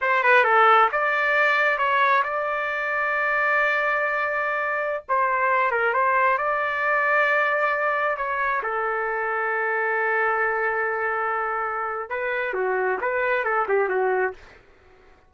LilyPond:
\new Staff \with { instrumentName = "trumpet" } { \time 4/4 \tempo 4 = 134 c''8 b'8 a'4 d''2 | cis''4 d''2.~ | d''2.~ d''16 c''8.~ | c''8. ais'8 c''4 d''4.~ d''16~ |
d''2~ d''16 cis''4 a'8.~ | a'1~ | a'2. b'4 | fis'4 b'4 a'8 g'8 fis'4 | }